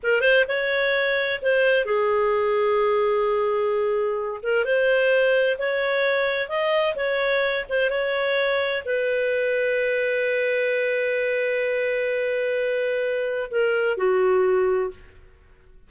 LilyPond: \new Staff \with { instrumentName = "clarinet" } { \time 4/4 \tempo 4 = 129 ais'8 c''8 cis''2 c''4 | gis'1~ | gis'4. ais'8 c''2 | cis''2 dis''4 cis''4~ |
cis''8 c''8 cis''2 b'4~ | b'1~ | b'1~ | b'4 ais'4 fis'2 | }